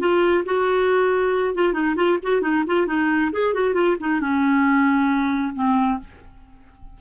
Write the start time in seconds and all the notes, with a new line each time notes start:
0.00 F4
0.46 F#4
1.55 F4
1.74 D#4
1.97 F4
2.23 F#4
2.42 D#4
2.67 F4
2.87 D#4
3.33 G#4
3.54 F#4
3.75 F4
4.00 D#4
4.21 C#4
5.55 C4